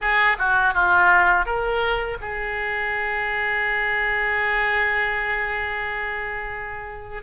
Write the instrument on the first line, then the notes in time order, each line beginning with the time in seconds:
oboe
0.01 G#4
0.38 F#4
0.74 F4
1.45 A#4
2.20 G#4